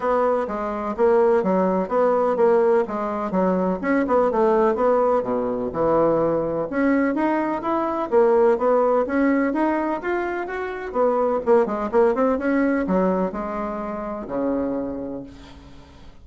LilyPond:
\new Staff \with { instrumentName = "bassoon" } { \time 4/4 \tempo 4 = 126 b4 gis4 ais4 fis4 | b4 ais4 gis4 fis4 | cis'8 b8 a4 b4 b,4 | e2 cis'4 dis'4 |
e'4 ais4 b4 cis'4 | dis'4 f'4 fis'4 b4 | ais8 gis8 ais8 c'8 cis'4 fis4 | gis2 cis2 | }